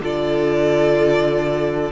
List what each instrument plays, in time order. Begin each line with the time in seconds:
0.00 cello D3, viola F4, violin A4 D5